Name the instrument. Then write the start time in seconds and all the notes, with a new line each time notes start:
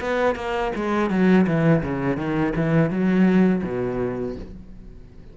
cello
0.00 B3
0.35 A#3
0.75 G#3
1.10 F#3
1.47 E3
1.83 C#3
2.17 D#3
2.56 E3
2.90 F#3
3.63 B2